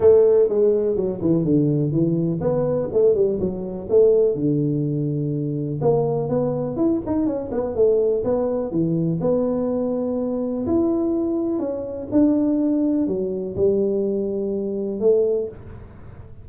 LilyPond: \new Staff \with { instrumentName = "tuba" } { \time 4/4 \tempo 4 = 124 a4 gis4 fis8 e8 d4 | e4 b4 a8 g8 fis4 | a4 d2. | ais4 b4 e'8 dis'8 cis'8 b8 |
a4 b4 e4 b4~ | b2 e'2 | cis'4 d'2 fis4 | g2. a4 | }